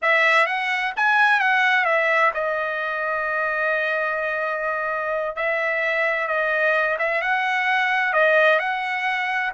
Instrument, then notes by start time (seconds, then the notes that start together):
trumpet
0.01 E5
0.46 F#5
0.96 G#5
1.40 F#5
1.85 E5
2.34 D#5
5.36 E5
6.27 D#5
6.98 E5
7.21 F#5
8.13 D#5
8.59 F#5